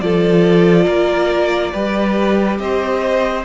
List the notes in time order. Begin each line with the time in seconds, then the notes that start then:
0.00 F3 F4 A4 D5
0.85 A#3 A#4
1.72 G3 G4 B4
2.59 C4 C5 D#5